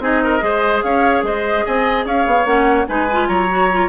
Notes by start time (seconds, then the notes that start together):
0.00 C4 D#4 G#4 D#5
0.24 A#4
0.40 G#3 G#4 C5
0.82 C#4 C#5 F5
1.23 G#3 C5 D#5
1.65 C4 D#5 G#5
2.06 C#4 C#5 F5
2.27 B3
2.45 A#3 C#4 F#5
2.87 G#3 D#4 B4 G#5
3.12 F4
3.28 F#3 C#5 A#5
3.50 F#4
3.72 F4